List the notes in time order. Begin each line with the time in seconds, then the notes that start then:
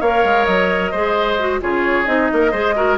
0.00 A#3 A#4 C#5 F5
0.24 G#3
0.45 F#3 D#5
0.91 G#3 G#4 C5
1.39 F#4
1.61 C#3 F4 G#4 C#5
2.05 C4 D#4 D#5
2.32 A#3 A#4
2.51 G#3 G#4 C5
2.75 F#4 A#4